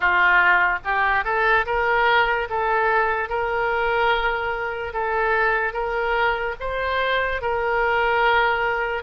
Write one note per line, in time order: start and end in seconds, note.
0.00 0.78 F4
0.84 1.24 G4
1.24 1.65 A4
1.66 2.48 A#4
2.49 3.29 A4
3.29 4.93 A#4
4.93 5.73 A4
5.73 6.55 A#4
6.59 7.41 C5
7.41 9.02 A#4